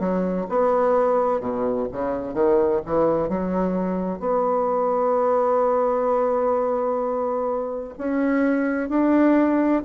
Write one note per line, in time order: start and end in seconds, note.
0.00 0.47 F#3
0.50 1.41 B3
1.41 1.87 B2
1.92 2.34 C#3
2.34 2.81 D#3
2.86 3.29 E3
3.29 4.20 F#3
4.20 7.95 B3
7.99 8.89 C#4
8.89 9.83 D4